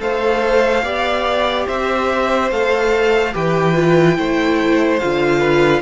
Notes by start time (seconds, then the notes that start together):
0.00 A3 A4 C5 F5
0.83 B3 G4 D5
1.67 C4 C5 E5
2.51 A3 A4 F5
3.33 E3 G4 B4 G5
3.74 F4
4.15 A3 E4 C5
4.98 D3 F4 F5
5.40 B4